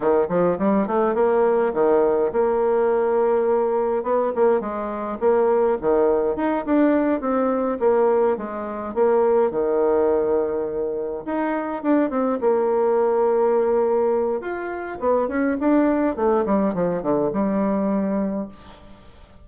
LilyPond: \new Staff \with { instrumentName = "bassoon" } { \time 4/4 \tempo 4 = 104 dis8 f8 g8 a8 ais4 dis4 | ais2. b8 ais8 | gis4 ais4 dis4 dis'8 d'8~ | d'8 c'4 ais4 gis4 ais8~ |
ais8 dis2. dis'8~ | dis'8 d'8 c'8 ais2~ ais8~ | ais4 f'4 b8 cis'8 d'4 | a8 g8 f8 d8 g2 | }